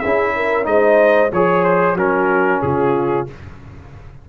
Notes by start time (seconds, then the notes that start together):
0.00 C#4 E4 G#4 E5
0.36 A#4
0.64 G#3 D#4 C5 D#5
1.33 F3 G#4 C#5
1.65 C5
1.96 F#3 C#4 F#4 A#4
2.62 C#3 F4 G#4